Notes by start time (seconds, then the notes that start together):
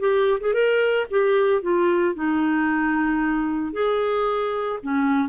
0.00 G4
0.41 G#4
0.54 A#4
1.11 G4
1.62 F4
2.15 D#4
3.73 G#4
4.83 C#4